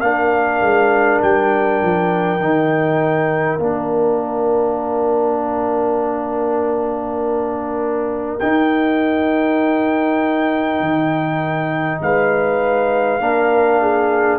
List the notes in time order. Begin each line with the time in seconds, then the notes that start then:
0.00 A#3 D4 A#4 F5
0.61 G#3
1.22 G3 G5
1.82 F3
2.39 D#3 D#4
3.59 A#3 D4 F5
8.39 D#4 G5
10.80 D#3
12.01 G#3 B4 F5
13.19 A#3 D4 A#4
13.81 G#4